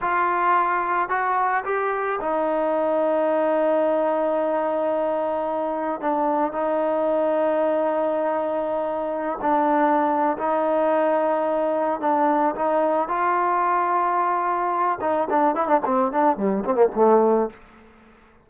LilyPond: \new Staff \with { instrumentName = "trombone" } { \time 4/4 \tempo 4 = 110 f'2 fis'4 g'4 | dis'1~ | dis'2. d'4 | dis'1~ |
dis'4~ dis'16 d'4.~ d'16 dis'4~ | dis'2 d'4 dis'4 | f'2.~ f'8 dis'8 | d'8 e'16 d'16 c'8 d'8 g8 c'16 ais16 a4 | }